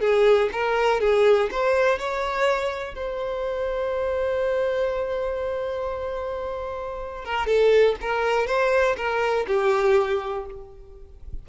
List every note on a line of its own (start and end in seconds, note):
0.00 0.49 G#4
0.52 1.00 A#4
1.00 1.49 G#4
1.51 1.99 C5
1.99 2.95 C#5
2.95 7.25 C5
7.25 7.46 A#4
7.46 7.96 A4
8.01 8.47 A#4
8.47 8.96 C5
8.96 9.46 A#4
9.47 10.45 G4